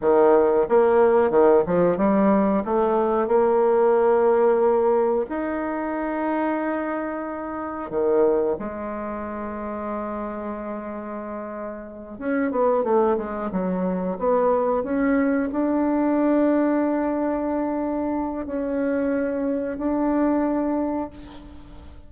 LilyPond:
\new Staff \with { instrumentName = "bassoon" } { \time 4/4 \tempo 4 = 91 dis4 ais4 dis8 f8 g4 | a4 ais2. | dis'1 | dis4 gis2.~ |
gis2~ gis8 cis'8 b8 a8 | gis8 fis4 b4 cis'4 d'8~ | d'1 | cis'2 d'2 | }